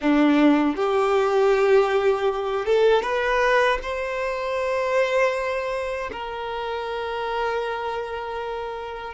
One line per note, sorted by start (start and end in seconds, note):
0.01 0.76 D4
0.76 2.65 G4
2.65 3.02 A4
3.02 3.78 B4
3.82 6.10 C5
6.11 9.13 A#4